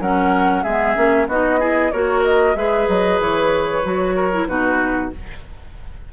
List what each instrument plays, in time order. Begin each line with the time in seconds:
0.00 bassoon F#3, clarinet C#4, oboe A#4, flute F#5
0.63 bassoon G#3, clarinet B3, oboe G#4, flute E5
0.96 bassoon A#3, clarinet C#4
1.28 bassoon B3, clarinet D#4, oboe F#4, flute D#5
1.60 clarinet E4, oboe G#4
1.91 bassoon A#3, clarinet F#4, oboe A#4, flute C#5
2.24 flute D#5
2.55 bassoon G#3, clarinet G#4, oboe B4, flute E5
2.88 bassoon F#3, flute D#5
3.20 bassoon E3, flute C#5
3.83 bassoon F#3, clarinet F#4
4.16 oboe A#4
4.32 clarinet E4
4.47 bassoon B2, clarinet D#4, oboe F#4, flute B4